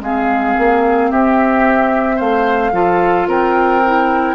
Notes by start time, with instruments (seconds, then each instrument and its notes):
0.00 bassoon G#3, clarinet C4, oboe G#4, flute F5
0.58 bassoon A#3
1.11 bassoon C4, oboe G4, flute E5
2.16 bassoon A3, oboe C5, flute F5
2.72 bassoon F3, clarinet F4, oboe A4
3.26 bassoon C4, oboe A#4, flute G5
3.85 clarinet E4